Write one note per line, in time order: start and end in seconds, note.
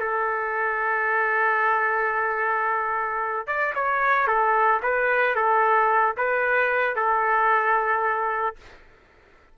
0.00 3.47 A4
3.47 3.74 D5
3.75 4.27 C#5
4.27 4.81 A4
4.83 5.35 B4
5.35 6.16 A4
6.17 6.96 B4
6.96 8.56 A4